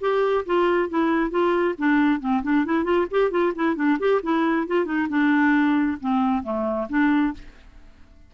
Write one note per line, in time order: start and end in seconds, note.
0.00 0.44 G4
0.45 0.89 F4
0.89 1.30 E4
1.30 1.75 F4
1.78 2.20 D4
2.20 2.42 C4
2.43 2.65 D4
2.65 2.84 E4
2.84 3.06 F4
3.10 3.31 G4
3.31 3.53 F4
3.55 3.75 E4
3.75 3.98 D4
3.99 4.21 G4
4.22 4.67 E4
4.67 4.85 F4
4.85 5.07 D#4
5.09 5.98 D4
6.00 6.43 C4
6.43 6.87 A3
6.89 7.33 D4